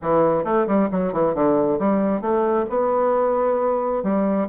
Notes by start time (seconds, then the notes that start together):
0.02 E3
0.44 A3
0.67 G3
0.91 F#3
1.12 E3
1.34 D3
1.78 G3
2.21 A3
2.69 B3
4.03 G3